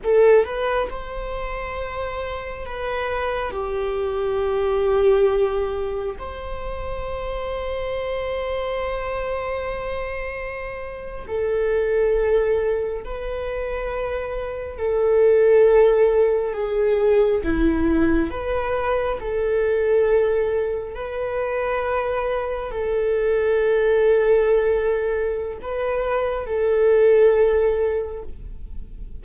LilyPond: \new Staff \with { instrumentName = "viola" } { \time 4/4 \tempo 4 = 68 a'8 b'8 c''2 b'4 | g'2. c''4~ | c''1~ | c''8. a'2 b'4~ b'16~ |
b'8. a'2 gis'4 e'16~ | e'8. b'4 a'2 b'16~ | b'4.~ b'16 a'2~ a'16~ | a'4 b'4 a'2 | }